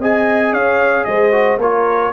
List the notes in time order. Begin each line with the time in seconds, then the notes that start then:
0.00 C4 G#4 D#5 G#5
0.53 C#4 C#5 F5
1.05 G#3 C5 D#5
1.32 F#4
1.58 A#3 F4 A#4 C#5